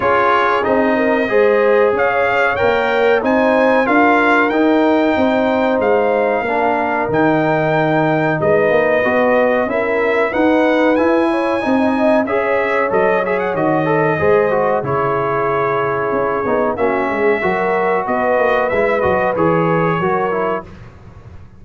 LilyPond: <<
  \new Staff \with { instrumentName = "trumpet" } { \time 4/4 \tempo 4 = 93 cis''4 dis''2 f''4 | g''4 gis''4 f''4 g''4~ | g''4 f''2 g''4~ | g''4 dis''2 e''4 |
fis''4 gis''2 e''4 | dis''8 e''16 fis''16 dis''2 cis''4~ | cis''2 e''2 | dis''4 e''8 dis''8 cis''2 | }
  \new Staff \with { instrumentName = "horn" } { \time 4/4 gis'4. ais'8 c''4 cis''4~ | cis''4 c''4 ais'2 | c''2 ais'2~ | ais'4 b'2 ais'4 |
b'4. cis''8 dis''4 cis''4~ | cis''2 c''4 gis'4~ | gis'2 fis'8 gis'8 ais'4 | b'2. ais'4 | }
  \new Staff \with { instrumentName = "trombone" } { \time 4/4 f'4 dis'4 gis'2 | ais'4 dis'4 f'4 dis'4~ | dis'2 d'4 dis'4~ | dis'2 fis'4 e'4 |
dis'4 e'4 dis'4 gis'4 | a'8 gis'8 fis'8 a'8 gis'8 fis'8 e'4~ | e'4. dis'8 cis'4 fis'4~ | fis'4 e'8 fis'8 gis'4 fis'8 e'8 | }
  \new Staff \with { instrumentName = "tuba" } { \time 4/4 cis'4 c'4 gis4 cis'4 | ais4 c'4 d'4 dis'4 | c'4 gis4 ais4 dis4~ | dis4 gis8 ais8 b4 cis'4 |
dis'4 e'4 c'4 cis'4 | fis4 dis4 gis4 cis4~ | cis4 cis'8 b8 ais8 gis8 fis4 | b8 ais8 gis8 fis8 e4 fis4 | }
>>